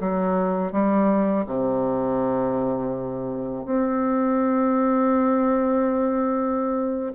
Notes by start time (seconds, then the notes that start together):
0.00 F#3
0.72 G3
1.46 C3
3.66 C4